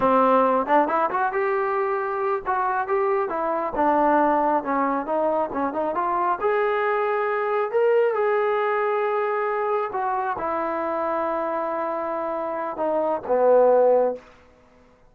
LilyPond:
\new Staff \with { instrumentName = "trombone" } { \time 4/4 \tempo 4 = 136 c'4. d'8 e'8 fis'8 g'4~ | g'4. fis'4 g'4 e'8~ | e'8 d'2 cis'4 dis'8~ | dis'8 cis'8 dis'8 f'4 gis'4.~ |
gis'4. ais'4 gis'4.~ | gis'2~ gis'8 fis'4 e'8~ | e'1~ | e'4 dis'4 b2 | }